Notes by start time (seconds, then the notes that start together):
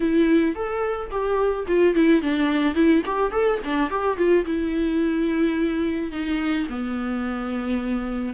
0.00 E4
0.55 A4
1.10 G4
1.67 F4
1.94 E4
2.21 D4
2.74 E4
3.05 G4
3.31 A4
3.64 D4
3.90 G4
4.17 F4
4.45 E4
6.11 D#4
6.69 B3